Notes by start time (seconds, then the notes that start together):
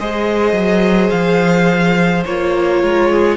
0.00 G#3 G#4 C5 D#5
0.53 F#3
1.10 F3 F5
2.26 A#3 F4 C#5
2.81 G#3 A#4
3.10 G#4